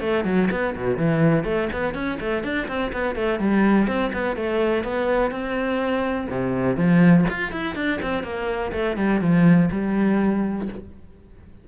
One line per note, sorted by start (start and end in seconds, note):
0.00 0.24 A3
0.24 0.49 F#3
0.51 0.75 B3
0.76 0.97 B2
0.97 1.44 E3
1.44 1.68 A3
1.72 1.94 B3
1.94 2.18 C#4
2.20 2.43 A3
2.43 2.67 D4
2.67 2.91 C4
2.92 3.15 B3
3.15 3.39 A3
3.39 3.87 G3
3.87 4.11 C4
4.13 4.36 B3
4.36 4.83 A3
4.83 5.31 B3
5.31 6.27 C4
6.30 6.76 C3
6.76 7.24 F3
7.29 7.51 F4
7.51 7.75 E4
7.75 7.99 D4
8.01 8.23 C4
8.23 8.71 A#3
8.72 8.96 A3
8.96 9.20 G3
9.21 9.69 F3
9.71 10.68 G3